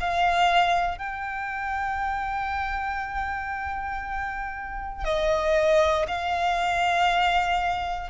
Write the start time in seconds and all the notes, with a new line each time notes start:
0.00 F5
0.98 G5
5.05 D#5
6.08 F5